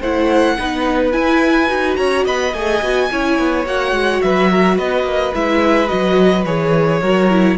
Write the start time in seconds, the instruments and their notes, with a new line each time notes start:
0.00 cello A3, viola E4, violin C5 F#5
0.58 cello B3, viola D#4, violin B4
1.12 viola E4, cello E4, violin G#5
1.68 cello D#4, viola F#4
1.96 cello C#4, violin C#5 A#5
2.25 cello B3, violin D#5 B5
2.54 cello A3, viola G#4, violin G#5
2.82 cello B3, viola F#4
3.11 cello C#4, viola E4, violin C#5
3.39 cello B3
3.66 cello A#3, viola F#4, violin F#5
3.92 cello G#3
4.22 cello F#3, violin B4 E5
4.51 violin A#4
4.76 cello B3, violin B4 D#5
5.04 cello A#3
5.34 cello G#3, viola E4, violin E5
5.88 cello F#3, viola F#4, violin D#5
6.45 cello E3, viola G#4, violin C#5
7.00 cello F#3, viola F#4, violin A#4
7.30 viola E4